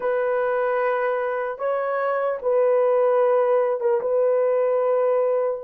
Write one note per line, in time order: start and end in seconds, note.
0.00 1.58 B4
1.58 2.38 C#5
2.42 3.80 B4
3.80 4.00 A#4
4.00 5.60 B4